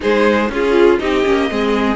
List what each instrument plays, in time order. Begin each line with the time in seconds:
0.00 cello G#3, viola D#4, violin G#4 C5
0.49 cello C#4, viola F4, violin F4 G#4
0.99 cello C4, viola D#4, violin G4 D#5
1.24 cello A#3, viola C#4
1.50 cello G#3, viola C4, violin G#4